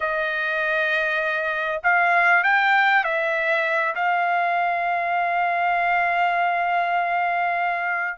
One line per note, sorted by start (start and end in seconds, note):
0.00 1.81 D#5
1.83 2.43 F5
2.43 3.03 G5
3.03 3.94 E5
3.95 8.18 F5